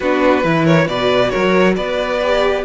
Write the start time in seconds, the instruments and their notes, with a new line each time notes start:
0.00 cello B3, viola D4, violin F#4 B4
0.43 cello E3, viola E4, violin B4
0.64 violin A#4 C#5
0.86 cello B2, viola F#4, violin B4 D5
1.29 cello F#3, violin A#4 C#5
1.76 cello B3, violin B4 D5
2.22 viola G4